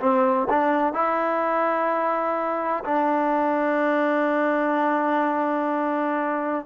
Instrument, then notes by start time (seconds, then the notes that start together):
trombone
0.00 C4
0.50 D4
0.93 E4
2.84 D4